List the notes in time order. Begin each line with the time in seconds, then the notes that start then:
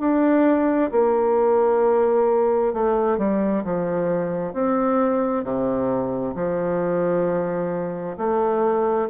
0.00 D4
0.92 A#3
2.73 A3
3.18 G3
3.64 F3
4.53 C4
5.44 C3
6.35 F3
8.18 A3